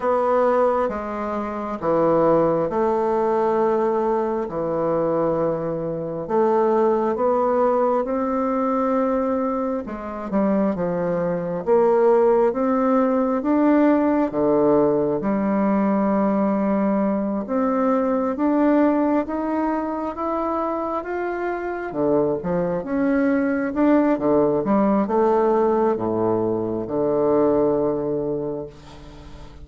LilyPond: \new Staff \with { instrumentName = "bassoon" } { \time 4/4 \tempo 4 = 67 b4 gis4 e4 a4~ | a4 e2 a4 | b4 c'2 gis8 g8 | f4 ais4 c'4 d'4 |
d4 g2~ g8 c'8~ | c'8 d'4 dis'4 e'4 f'8~ | f'8 d8 f8 cis'4 d'8 d8 g8 | a4 a,4 d2 | }